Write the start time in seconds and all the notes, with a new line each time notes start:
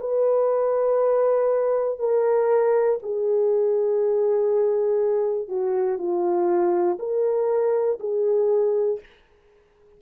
0.00 B4
1.99 A#4
3.03 G#4
5.48 F#4
5.99 F4
6.99 A#4
8.00 G#4